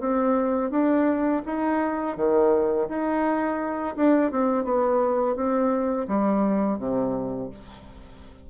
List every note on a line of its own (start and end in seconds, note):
0.00 0.71 C4
0.71 1.42 D4
1.46 2.17 D#4
2.17 2.88 D#3
2.89 3.96 D#4
3.96 4.31 D4
4.31 4.64 C4
4.64 5.36 B3
5.36 6.07 C4
6.08 6.79 G3
6.79 7.50 C3